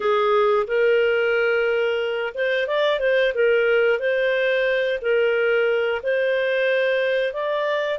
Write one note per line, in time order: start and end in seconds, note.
0.00 0.66 G#4
0.67 2.33 A#4
2.34 2.67 C5
2.67 2.99 D5
2.99 3.33 C5
3.34 3.99 A#4
3.99 4.99 C5
5.01 6.01 A#4
6.02 7.33 C5
7.33 7.98 D5